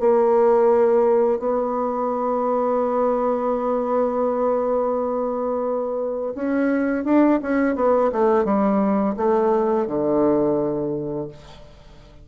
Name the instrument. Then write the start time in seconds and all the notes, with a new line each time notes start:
bassoon
0.00 A#3
1.39 B3
6.35 C#4
7.05 D4
7.42 C#4
7.76 B3
8.13 A3
8.45 G3
9.17 A3
9.87 D3